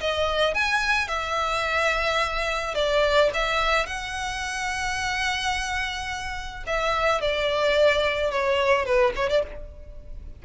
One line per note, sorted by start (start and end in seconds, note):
0.00 0.54 D#5
0.54 1.08 G#5
1.08 2.74 E5
2.74 3.30 D5
3.34 3.86 E5
3.86 6.64 F#5
6.66 7.21 E5
7.21 8.31 D5
8.31 8.85 C#5
8.85 9.13 B4
9.16 9.29 C#5
9.29 9.43 D5